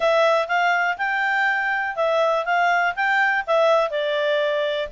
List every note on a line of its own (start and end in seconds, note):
0.00 0.48 E5
0.48 0.97 F5
0.97 1.95 G5
1.96 2.45 E5
2.45 2.94 F5
2.95 3.44 G5
3.46 3.90 E5
3.90 4.88 D5